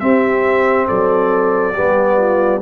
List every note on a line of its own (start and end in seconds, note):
0.00 1.74 C4
0.00 0.89 C4
0.00 0.87 G4
0.00 0.87 E5
0.87 1.78 F#3
0.87 1.74 A4
0.87 2.62 D5
1.74 2.62 G3
1.74 2.61 B3
1.74 2.17 G4
2.17 2.61 F4